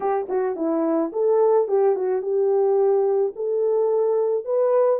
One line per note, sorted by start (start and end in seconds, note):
0.00 0.27 G4
0.28 0.56 F#4
0.56 1.11 E4
1.12 1.67 A4
1.68 1.95 G4
1.95 2.22 F#4
2.22 3.33 G4
3.35 4.44 A4
4.44 4.99 B4